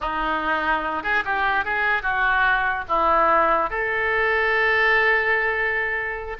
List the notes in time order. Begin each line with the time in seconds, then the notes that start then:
0.00 D#4
1.03 G#4
1.24 G4
1.64 G#4
2.02 F#4
2.88 E4
3.70 A4